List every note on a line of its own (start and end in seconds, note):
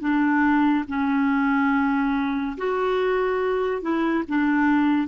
0.00 0.85 D4
0.88 2.57 C#4
2.57 3.81 F#4
3.81 4.24 E4
4.28 5.07 D4